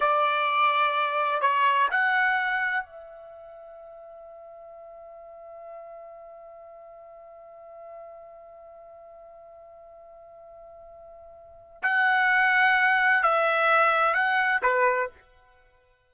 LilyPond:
\new Staff \with { instrumentName = "trumpet" } { \time 4/4 \tempo 4 = 127 d''2. cis''4 | fis''2 e''2~ | e''1~ | e''1~ |
e''1~ | e''1~ | e''4 fis''2. | e''2 fis''4 b'4 | }